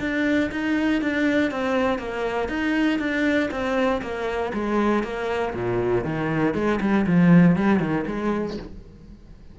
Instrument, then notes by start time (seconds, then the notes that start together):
cello
0.00 D4
0.52 D#4
1.02 D4
1.51 C4
1.99 A#3
2.49 D#4
2.99 D4
3.52 C4
4.02 A#3
4.54 G#3
5.04 A#3
5.55 A#2
6.05 D#3
6.54 G#3
6.81 G3
7.07 F3
7.56 G3
7.80 D#3
8.07 G#3